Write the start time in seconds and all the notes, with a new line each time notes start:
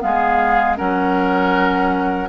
0.00 G#3 B3 G#4 F5
0.76 F#3 C#4 A#4 F#5